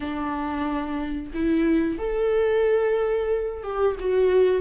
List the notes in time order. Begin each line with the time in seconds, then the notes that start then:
0.00 D4
1.34 E4
1.98 A4
3.63 G4
3.99 F#4